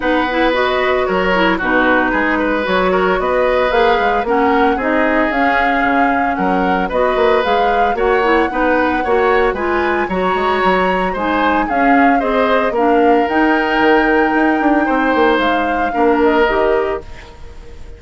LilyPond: <<
  \new Staff \with { instrumentName = "flute" } { \time 4/4 \tempo 4 = 113 fis''4 dis''4 cis''4 b'4~ | b'4 cis''4 dis''4 f''4 | fis''4 dis''4 f''2 | fis''4 dis''4 f''4 fis''4~ |
fis''2 gis''4 ais''4~ | ais''4 gis''4 f''4 dis''4 | f''4 g''2.~ | g''4 f''4. dis''4. | }
  \new Staff \with { instrumentName = "oboe" } { \time 4/4 b'2 ais'4 fis'4 | gis'8 b'4 ais'8 b'2 | ais'4 gis'2. | ais'4 b'2 cis''4 |
b'4 cis''4 b'4 cis''4~ | cis''4 c''4 gis'4 c''4 | ais'1 | c''2 ais'2 | }
  \new Staff \with { instrumentName = "clarinet" } { \time 4/4 dis'8 e'8 fis'4. e'8 dis'4~ | dis'4 fis'2 gis'4 | cis'4 dis'4 cis'2~ | cis'4 fis'4 gis'4 fis'8 e'8 |
dis'4 fis'4 f'4 fis'4~ | fis'4 dis'4 cis'4 gis'4 | d'4 dis'2.~ | dis'2 d'4 g'4 | }
  \new Staff \with { instrumentName = "bassoon" } { \time 4/4 b2 fis4 b,4 | gis4 fis4 b4 ais8 gis8 | ais4 c'4 cis'4 cis4 | fis4 b8 ais8 gis4 ais4 |
b4 ais4 gis4 fis8 gis8 | fis4 gis4 cis'4 c'4 | ais4 dis'4 dis4 dis'8 d'8 | c'8 ais8 gis4 ais4 dis4 | }
>>